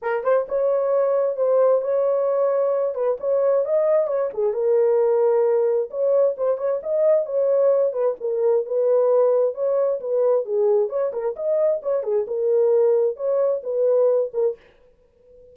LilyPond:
\new Staff \with { instrumentName = "horn" } { \time 4/4 \tempo 4 = 132 ais'8 c''8 cis''2 c''4 | cis''2~ cis''8 b'8 cis''4 | dis''4 cis''8 gis'8 ais'2~ | ais'4 cis''4 c''8 cis''8 dis''4 |
cis''4. b'8 ais'4 b'4~ | b'4 cis''4 b'4 gis'4 | cis''8 ais'8 dis''4 cis''8 gis'8 ais'4~ | ais'4 cis''4 b'4. ais'8 | }